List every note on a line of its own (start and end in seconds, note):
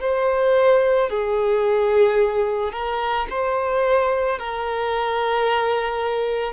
0.00 1.09 C5
1.09 2.72 G#4
2.72 3.27 A#4
3.30 4.39 C5
4.39 6.53 A#4